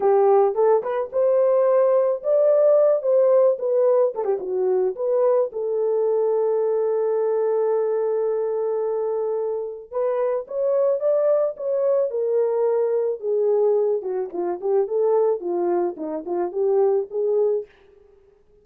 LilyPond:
\new Staff \with { instrumentName = "horn" } { \time 4/4 \tempo 4 = 109 g'4 a'8 b'8 c''2 | d''4. c''4 b'4 a'16 g'16 | fis'4 b'4 a'2~ | a'1~ |
a'2 b'4 cis''4 | d''4 cis''4 ais'2 | gis'4. fis'8 f'8 g'8 a'4 | f'4 dis'8 f'8 g'4 gis'4 | }